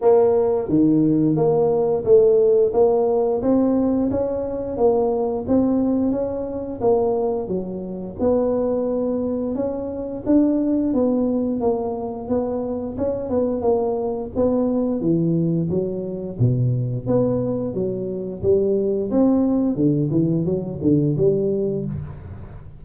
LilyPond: \new Staff \with { instrumentName = "tuba" } { \time 4/4 \tempo 4 = 88 ais4 dis4 ais4 a4 | ais4 c'4 cis'4 ais4 | c'4 cis'4 ais4 fis4 | b2 cis'4 d'4 |
b4 ais4 b4 cis'8 b8 | ais4 b4 e4 fis4 | b,4 b4 fis4 g4 | c'4 d8 e8 fis8 d8 g4 | }